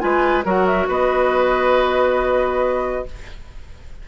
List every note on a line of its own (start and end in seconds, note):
0.00 0.45 G#3
0.00 0.43 F4
0.00 0.45 B4
0.00 0.44 G#5
0.45 0.89 F#3
0.45 3.06 F#4
0.45 0.88 A#4
0.45 0.67 F#5
0.67 0.89 E5
0.88 3.06 B3
0.88 3.06 B4
0.88 3.09 D#5